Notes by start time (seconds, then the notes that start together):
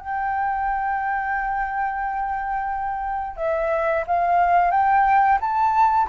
0.00 G5
3.37 E5
4.07 F5
4.71 G5
5.41 A5